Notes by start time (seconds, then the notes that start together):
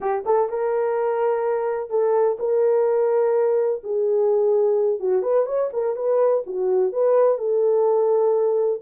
0.00 G4
0.25 A4
0.49 A#4
1.89 A4
2.39 A#4
3.83 G#4
4.99 F#4
5.22 B4
5.46 C#5
5.73 A#4
5.95 B4
6.46 F#4
6.92 B4
7.38 A4